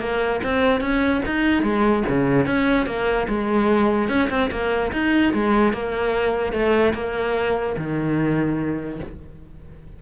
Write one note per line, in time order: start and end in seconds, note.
0.00 0.41 A#3
0.44 0.81 C4
0.81 1.22 C#4
1.26 1.63 D#4
1.63 2.04 G#3
2.09 2.47 C#3
2.47 2.86 C#4
2.86 3.27 A#3
3.29 4.09 G#3
4.09 4.29 C#4
4.30 4.51 C4
4.51 4.92 A#3
4.93 5.34 D#4
5.34 5.74 G#3
5.74 6.53 A#3
6.53 6.94 A3
6.95 7.76 A#3
7.78 9.00 D#3